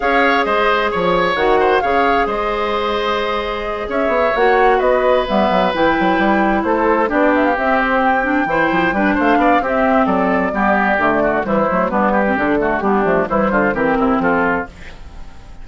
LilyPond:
<<
  \new Staff \with { instrumentName = "flute" } { \time 4/4 \tempo 4 = 131 f''4 dis''4 cis''4 fis''4 | f''4 dis''2.~ | dis''8 e''4 fis''4 dis''4 e''8~ | e''8 g''2 c''4 d''8 |
e''16 f''16 e''8 c''8 g''2~ g''8 | f''4 e''4 d''2~ | d''4 c''4 b'4 a'4 | g'4 c''4 ais'4 a'4 | }
  \new Staff \with { instrumentName = "oboe" } { \time 4/4 cis''4 c''4 cis''4. c''8 | cis''4 c''2.~ | c''8 cis''2 b'4.~ | b'2~ b'8 a'4 g'8~ |
g'2~ g'8 c''4 b'8 | c''8 d''8 g'4 a'4 g'4~ | g'8 fis'8 e'4 d'8 g'4 fis'8 | d'4 e'8 f'8 g'8 e'8 f'4 | }
  \new Staff \with { instrumentName = "clarinet" } { \time 4/4 gis'2. fis'4 | gis'1~ | gis'4. fis'2 b8~ | b8 e'2. d'8~ |
d'8 c'4. d'8 e'4 d'8~ | d'4 c'2 b4 | a4 g8 a8 b8. c'16 d'8 a8 | b8 a8 g4 c'2 | }
  \new Staff \with { instrumentName = "bassoon" } { \time 4/4 cis'4 gis4 f4 dis4 | cis4 gis2.~ | gis8 cis'8 b8 ais4 b4 g8 | fis8 e8 fis8 g4 a4 b8~ |
b8 c'2 e8 f8 g8 | a8 b8 c'4 fis4 g4 | d4 e8 fis8 g4 d4 | g8 f8 e8 d8 e8 c8 f4 | }
>>